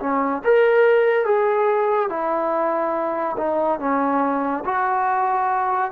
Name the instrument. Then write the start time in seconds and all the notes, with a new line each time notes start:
trombone
0.00 C#4
0.45 A#4
1.25 G#4
2.10 E4
3.38 D#4
3.80 C#4
4.65 F#4